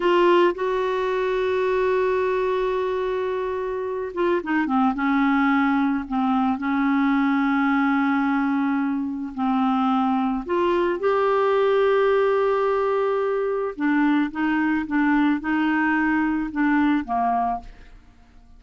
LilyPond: \new Staff \with { instrumentName = "clarinet" } { \time 4/4 \tempo 4 = 109 f'4 fis'2.~ | fis'2.~ fis'8 f'8 | dis'8 c'8 cis'2 c'4 | cis'1~ |
cis'4 c'2 f'4 | g'1~ | g'4 d'4 dis'4 d'4 | dis'2 d'4 ais4 | }